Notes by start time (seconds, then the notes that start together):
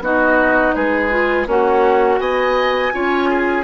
0.00 B3 D#4 F#4 D#5
0.74 G#3 G#4 B4
1.10 F4
1.47 A#3 C#4 F#4 F#5
2.19 B3 D#5 G#5
2.93 C#4 F4 C#5
3.30 G#4